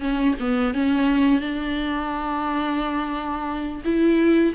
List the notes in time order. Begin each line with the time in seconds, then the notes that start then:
0.00 C#4
0.39 B3
0.74 C#4
1.40 D4
3.84 E4